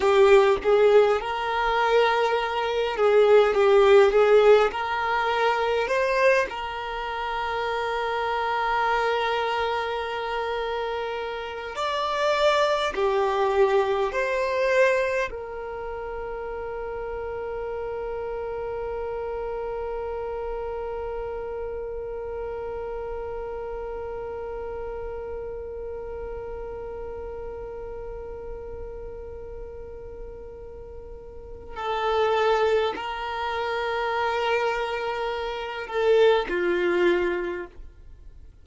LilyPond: \new Staff \with { instrumentName = "violin" } { \time 4/4 \tempo 4 = 51 g'8 gis'8 ais'4. gis'8 g'8 gis'8 | ais'4 c''8 ais'2~ ais'8~ | ais'2 d''4 g'4 | c''4 ais'2.~ |
ais'1~ | ais'1~ | ais'2. a'4 | ais'2~ ais'8 a'8 f'4 | }